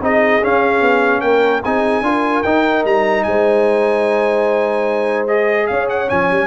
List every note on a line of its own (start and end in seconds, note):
0.00 0.41 C4
0.00 0.42 D#4
0.00 1.23 G#4
0.00 0.44 D#5
0.42 1.63 C#4
0.42 0.81 C#4
0.42 1.21 F5
0.81 1.21 B3
1.21 1.61 A#3
1.21 1.63 A#4
1.21 1.61 G5
1.63 2.01 C4
1.63 2.04 D#4
1.63 2.04 G#4
1.63 2.43 G#5
2.01 2.42 D4
2.01 2.44 F4
2.01 3.27 A#4
2.43 2.84 D#4
2.43 5.28 D#4
2.43 2.84 G5
2.84 3.25 G3
2.84 3.23 A#5
3.23 5.70 G#3
3.23 5.70 C5
3.23 5.26 G#5
5.27 6.08 G#4
5.27 5.67 D#5
5.67 6.11 C#4
5.67 6.47 C#5
5.67 5.87 F5
5.89 6.09 F#5
6.08 6.31 F3
6.08 6.47 C#4
6.08 6.47 G#5
6.31 6.47 G3